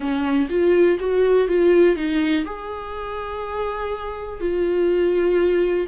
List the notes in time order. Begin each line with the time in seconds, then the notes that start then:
0.00 C#4
0.49 F4
0.99 F#4
1.48 F4
1.96 D#4
2.45 G#4
4.40 F4